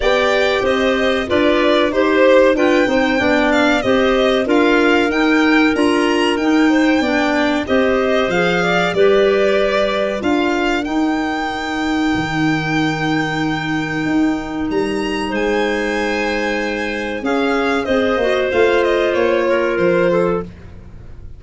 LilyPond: <<
  \new Staff \with { instrumentName = "violin" } { \time 4/4 \tempo 4 = 94 g''4 dis''4 d''4 c''4 | g''4. f''8 dis''4 f''4 | g''4 ais''4 g''2 | dis''4 f''4 d''2 |
f''4 g''2.~ | g''2. ais''4 | gis''2. f''4 | dis''4 f''8 dis''8 cis''4 c''4 | }
  \new Staff \with { instrumentName = "clarinet" } { \time 4/4 d''4 c''4 b'4 c''4 | b'8 c''8 d''4 c''4 ais'4~ | ais'2~ ais'8 c''8 d''4 | c''4. d''8 b'2 |
ais'1~ | ais'1 | c''2. gis'4 | c''2~ c''8 ais'4 a'8 | }
  \new Staff \with { instrumentName = "clarinet" } { \time 4/4 g'2 f'4 g'4 | f'8 dis'8 d'4 g'4 f'4 | dis'4 f'4 dis'4 d'4 | g'4 gis'4 g'2 |
f'4 dis'2.~ | dis'1~ | dis'2. cis'4 | gis'8 fis'8 f'2. | }
  \new Staff \with { instrumentName = "tuba" } { \time 4/4 b4 c'4 d'4 dis'4 | d'8 c'8 b4 c'4 d'4 | dis'4 d'4 dis'4 b4 | c'4 f4 g2 |
d'4 dis'2 dis4~ | dis2 dis'4 g4 | gis2. cis'4 | c'8 ais8 a4 ais4 f4 | }
>>